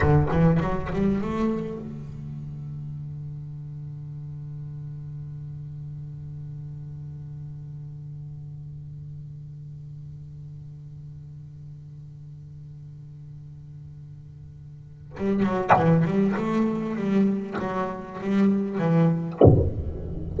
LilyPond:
\new Staff \with { instrumentName = "double bass" } { \time 4/4 \tempo 4 = 99 d8 e8 fis8 g8 a4 d4~ | d1~ | d1~ | d1~ |
d1~ | d1~ | d4 g8 fis8 e8 g8 a4 | g4 fis4 g4 e4 | }